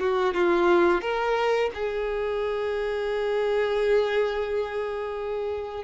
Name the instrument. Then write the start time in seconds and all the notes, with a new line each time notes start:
violin
0.00 F#4
0.34 F4
1.02 A#4
1.75 G#4